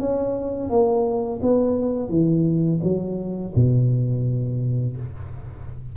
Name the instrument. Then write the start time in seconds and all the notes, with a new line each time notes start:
tuba
0.00 C#4
0.70 A#3
1.42 B3
2.10 E3
2.83 F#3
3.56 B2